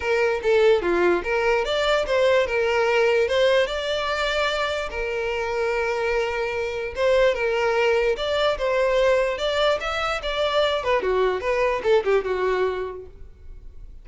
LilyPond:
\new Staff \with { instrumentName = "violin" } { \time 4/4 \tempo 4 = 147 ais'4 a'4 f'4 ais'4 | d''4 c''4 ais'2 | c''4 d''2. | ais'1~ |
ais'4 c''4 ais'2 | d''4 c''2 d''4 | e''4 d''4. b'8 fis'4 | b'4 a'8 g'8 fis'2 | }